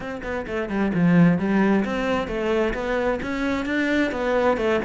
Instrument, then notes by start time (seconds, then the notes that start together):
cello
0.00 C4
0.23 B3
0.46 A3
0.69 G3
0.93 F3
1.38 G3
1.84 C4
2.27 A3
2.74 B3
3.22 C#4
3.65 D4
4.11 B3
4.57 A3